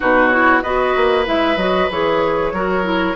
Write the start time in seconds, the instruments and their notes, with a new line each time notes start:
0.00 bassoon B2, clarinet D#4, oboe F#4, flute B4
0.27 clarinet E4, flute C#5
0.61 bassoon B3, clarinet F#4, oboe B4, flute D#5
0.96 bassoon A#3
1.25 bassoon G#3, clarinet E4, flute E5
1.56 bassoon F#3, clarinet F#4, flute D#5
1.90 bassoon E3, clarinet G#4, flute C#5
2.52 bassoon F#3, clarinet F#4, oboe A#4
2.82 clarinet E4